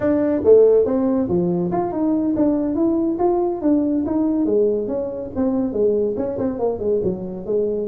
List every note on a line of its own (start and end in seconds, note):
0.00 0.41 D4
0.44 0.85 A3
0.85 1.28 C4
1.28 1.71 F3
1.71 1.92 F4
1.92 2.34 D#4
2.36 2.75 D4
2.75 3.17 E4
3.19 3.61 F4
3.61 4.04 D4
4.06 4.45 D#4
4.45 4.87 G#3
4.87 5.30 C#4
5.35 5.72 C4
5.72 6.15 G#3
6.16 6.38 C#4
6.38 6.58 C4
6.58 6.79 A#3
6.79 7.00 G#3
7.03 7.46 F#3
7.46 7.87 G#3